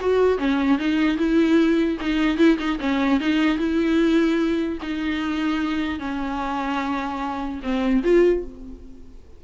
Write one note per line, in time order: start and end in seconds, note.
0.00 0.38 F#4
0.38 0.78 C#4
0.78 1.17 D#4
1.17 1.98 E4
2.00 2.37 D#4
2.37 2.58 E4
2.58 2.79 D#4
2.79 3.20 C#4
3.20 3.57 D#4
3.57 4.78 E4
4.82 5.99 D#4
5.99 7.60 C#4
7.63 8.03 C4
8.04 8.44 F4